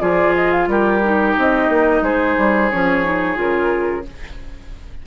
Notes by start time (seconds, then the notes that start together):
0.00 F3 F4 G#4 D5
0.36 D#5
0.52 F5
0.68 G3 G4 A#4
1.04 D#4
1.38 C4 D#5
1.69 A#3
2.02 G#3 G#4 C5
2.38 G3
2.71 F3 C#4 C#5
3.05 D#4
3.35 C#3 F4 A#4